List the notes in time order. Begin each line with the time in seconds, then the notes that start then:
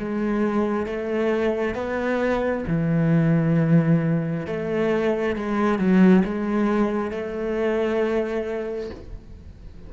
0.00 G#3
0.87 A3
1.75 B3
2.68 E3
4.47 A3
5.36 G#3
5.79 F#3
6.25 G#3
7.12 A3